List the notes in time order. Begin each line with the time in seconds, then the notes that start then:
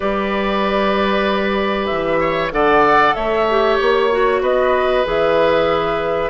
0.00 G3 G4 B4 D5
1.86 E3 E5
2.20 C#5
2.51 D3 A4 D5 F#5
3.14 A3 C#5 E5
3.50 G4
3.79 A#3 C#5
4.11 F#4
4.41 B3 B4 D#5
5.04 E3 G#4 E5